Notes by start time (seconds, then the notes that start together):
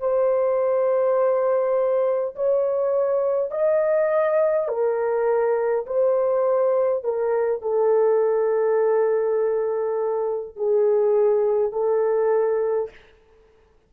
0.00 C5
2.36 C#5
3.51 D#5
4.69 A#4
5.87 C5
7.04 A#4
7.63 A4
10.57 G#4
11.72 A4